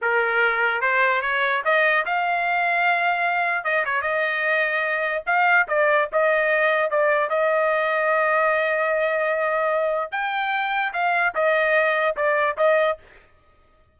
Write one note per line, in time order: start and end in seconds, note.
0.01 0.81 A#4
0.81 1.21 C5
1.21 1.62 C#5
1.64 2.05 D#5
2.05 3.64 F5
3.64 3.84 D#5
3.85 4.01 C#5
4.01 5.23 D#5
5.26 5.66 F5
5.68 6.08 D5
6.12 6.90 D#5
6.90 7.29 D5
7.29 10.11 D#5
10.11 10.92 G5
10.93 11.33 F5
11.34 12.15 D#5
12.16 12.57 D5
12.57 12.97 D#5